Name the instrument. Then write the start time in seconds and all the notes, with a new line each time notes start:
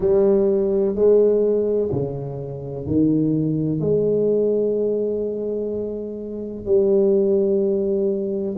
tuba
0.00 G3
0.95 G#3
1.92 C#3
2.86 D#3
3.80 G#3
6.65 G3